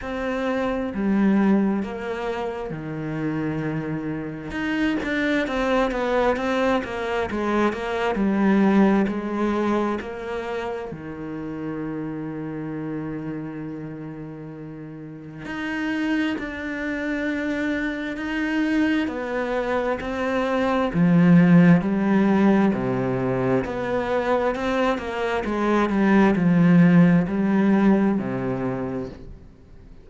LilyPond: \new Staff \with { instrumentName = "cello" } { \time 4/4 \tempo 4 = 66 c'4 g4 ais4 dis4~ | dis4 dis'8 d'8 c'8 b8 c'8 ais8 | gis8 ais8 g4 gis4 ais4 | dis1~ |
dis4 dis'4 d'2 | dis'4 b4 c'4 f4 | g4 c4 b4 c'8 ais8 | gis8 g8 f4 g4 c4 | }